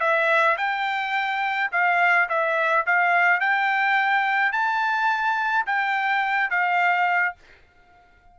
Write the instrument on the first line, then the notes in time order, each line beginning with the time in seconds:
trumpet
0.00 E5
0.57 G5
1.72 F5
2.29 E5
2.86 F5
3.40 G5
4.52 A5
5.66 G5
6.50 F5